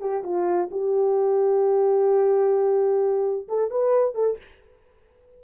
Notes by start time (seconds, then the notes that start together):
0.00 G4
0.23 F4
0.71 G4
3.48 A4
3.71 B4
4.15 A4